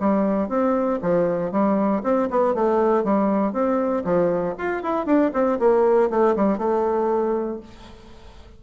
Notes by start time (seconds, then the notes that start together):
0.00 G3
0.49 C4
1.02 F3
1.52 G3
2.03 C4
2.30 B3
2.54 A3
3.04 G3
3.53 C4
4.04 F3
4.58 F4
4.83 E4
5.06 D4
5.33 C4
5.59 A#3
6.10 A3
6.36 G3
6.58 A3